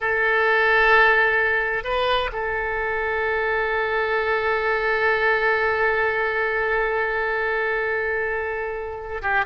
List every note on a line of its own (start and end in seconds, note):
0.01 1.84 A4
1.84 2.30 B4
2.32 9.22 A4
9.22 9.45 G4